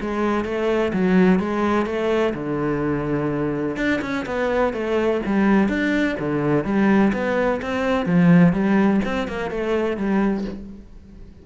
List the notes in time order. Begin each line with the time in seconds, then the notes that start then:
0.00 G#3
0.44 A3
0.92 F#3
1.39 G#3
1.85 A3
2.34 D3
3.76 D4
4.01 C#4
4.25 B3
4.73 A3
5.25 G3
5.68 D4
6.19 D3
6.64 G3
7.13 B3
7.61 C4
8.06 F3
8.52 G3
9.05 C4
9.27 A#3
9.50 A3
9.97 G3